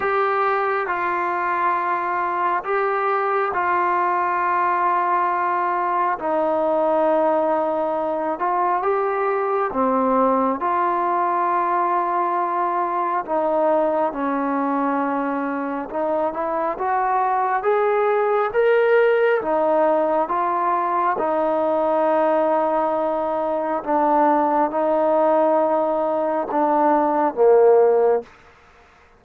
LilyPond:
\new Staff \with { instrumentName = "trombone" } { \time 4/4 \tempo 4 = 68 g'4 f'2 g'4 | f'2. dis'4~ | dis'4. f'8 g'4 c'4 | f'2. dis'4 |
cis'2 dis'8 e'8 fis'4 | gis'4 ais'4 dis'4 f'4 | dis'2. d'4 | dis'2 d'4 ais4 | }